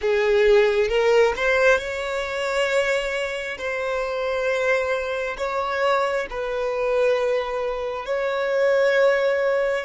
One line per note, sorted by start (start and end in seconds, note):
0.01 0.88 G#4
0.88 1.33 A#4
1.36 1.78 C5
1.78 3.57 C#5
3.57 5.36 C5
5.37 6.26 C#5
6.29 8.05 B4
8.05 9.84 C#5